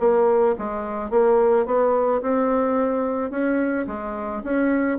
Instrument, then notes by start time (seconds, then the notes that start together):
bassoon
0.00 A#3
0.58 G#3
1.10 A#3
1.66 B3
2.22 C4
3.31 C#4
3.87 G#3
4.44 C#4